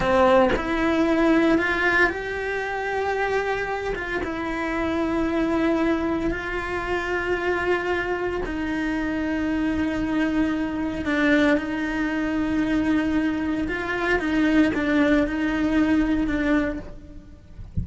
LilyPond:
\new Staff \with { instrumentName = "cello" } { \time 4/4 \tempo 4 = 114 c'4 e'2 f'4 | g'2.~ g'8 f'8 | e'1 | f'1 |
dis'1~ | dis'4 d'4 dis'2~ | dis'2 f'4 dis'4 | d'4 dis'2 d'4 | }